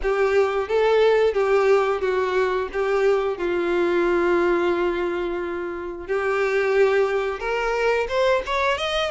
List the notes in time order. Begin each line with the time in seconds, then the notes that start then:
0.02 G4
0.68 A4
1.33 G4
2.01 F#4
2.72 G4
3.37 F4
6.07 G4
7.39 A#4
8.08 C5
8.45 C#5
8.77 D#5